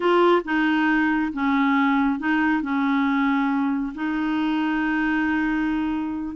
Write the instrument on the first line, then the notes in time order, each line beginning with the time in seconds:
clarinet
0.00 F4
0.44 D#4
1.33 C#4
2.19 D#4
2.62 C#4
3.94 D#4